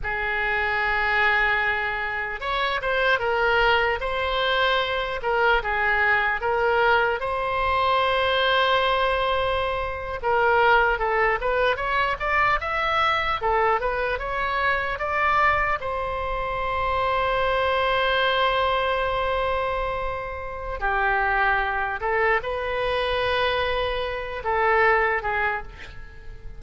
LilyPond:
\new Staff \with { instrumentName = "oboe" } { \time 4/4 \tempo 4 = 75 gis'2. cis''8 c''8 | ais'4 c''4. ais'8 gis'4 | ais'4 c''2.~ | c''8. ais'4 a'8 b'8 cis''8 d''8 e''16~ |
e''8. a'8 b'8 cis''4 d''4 c''16~ | c''1~ | c''2 g'4. a'8 | b'2~ b'8 a'4 gis'8 | }